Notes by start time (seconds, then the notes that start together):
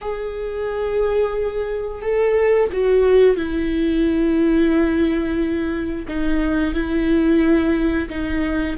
0.01 G#4
2.02 A4
2.72 F#4
3.36 E4
6.08 D#4
6.74 E4
8.09 D#4